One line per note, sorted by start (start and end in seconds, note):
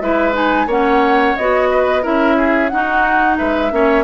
0.00 0.66 G#3
0.00 0.33 E4
0.00 0.67 B4
0.00 0.34 E5
0.33 0.66 D#4
0.33 0.69 G#5
0.66 1.34 A#3
0.66 1.38 C#4
0.66 1.68 C#5
0.66 1.37 F#5
1.37 2.05 B3
1.37 2.02 F#4
1.37 2.04 D#5
1.70 2.03 B4
2.02 2.72 C#4
2.02 2.70 E4
2.02 2.36 A#4
2.02 2.68 E5
2.37 2.71 G#4
2.68 3.39 D#4
2.68 3.71 D#4
2.68 3.38 F#4
2.68 3.36 F#5
3.37 3.72 G#3
3.37 3.71 B4
3.37 4.04 E5
3.71 4.04 A#3
3.71 4.04 C#4
3.71 4.04 C#5